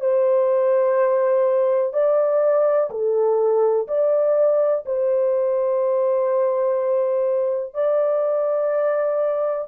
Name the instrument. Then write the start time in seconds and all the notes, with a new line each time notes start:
horn
0.00 C5
1.93 D5
2.90 A4
3.87 D5
4.86 C5
7.74 D5